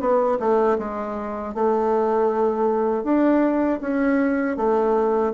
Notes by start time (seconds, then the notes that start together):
0.00 B3
0.40 A3
0.78 G#3
1.54 A3
3.04 D4
3.81 C#4
4.57 A3